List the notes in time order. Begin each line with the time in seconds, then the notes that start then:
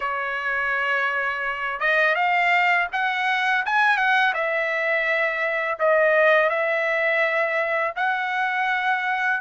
0.00 C#5
1.80 D#5
2.15 F5
2.92 F#5
3.65 G#5
3.97 F#5
4.34 E5
5.79 D#5
6.49 E5
7.96 F#5